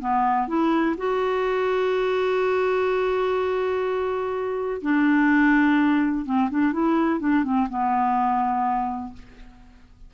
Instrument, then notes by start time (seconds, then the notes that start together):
clarinet
0.00 B3
0.48 E4
0.97 F#4
4.82 D4
6.25 C4
6.50 D4
6.73 E4
7.20 D4
7.44 C4
7.69 B3